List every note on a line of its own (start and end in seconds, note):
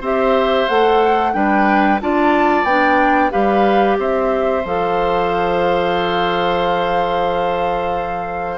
0.00 0.66 C4
0.00 0.68 G4
0.00 1.33 C5
0.00 0.68 E5
0.68 1.34 A3
0.68 1.33 A4
0.68 1.33 F#5
1.33 2.00 G3
1.33 1.99 D4
1.33 2.01 B4
1.33 1.99 G5
2.00 2.64 D4
2.00 2.66 F4
2.00 3.32 D5
2.00 2.65 A5
2.64 3.30 B3
2.64 3.30 D4
2.64 3.31 G5
3.30 3.98 G3
3.30 4.62 G4
3.30 3.98 B4
3.30 3.97 F5
3.98 4.64 C4
3.98 8.58 C5
3.98 4.66 E5
4.65 8.58 F3
4.65 8.58 A4
4.65 8.58 F5